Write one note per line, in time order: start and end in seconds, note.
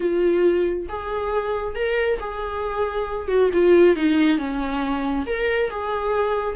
0.00 0.87 F4
0.88 1.75 G#4
1.75 2.19 A#4
2.20 3.28 G#4
3.28 3.50 F#4
3.53 3.95 F4
3.95 4.38 D#4
4.38 5.25 C#4
5.26 5.70 A#4
5.70 6.55 G#4